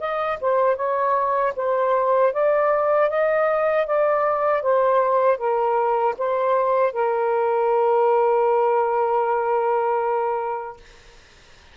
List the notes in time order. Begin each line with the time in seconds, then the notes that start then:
0.00 D#5
0.41 C5
0.76 C#5
1.56 C5
2.33 D5
3.10 D#5
3.86 D5
4.62 C5
5.38 A#4
6.18 C5
6.93 A#4